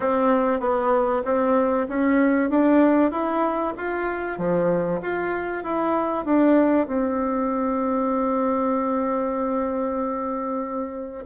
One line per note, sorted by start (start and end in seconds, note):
0.00 0.60 C4
0.60 1.22 B3
1.24 1.87 C4
1.88 2.49 C#4
2.49 3.11 D4
3.11 3.73 E4
3.77 4.38 F4
4.38 5.00 F3
5.01 5.63 F4
5.63 6.25 E4
6.25 6.87 D4
6.87 11.24 C4